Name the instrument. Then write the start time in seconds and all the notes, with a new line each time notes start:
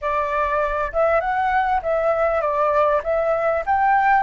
flute
0.01 D5
0.93 E5
1.20 F#5
1.82 E5
2.41 D5
3.03 E5
3.66 G5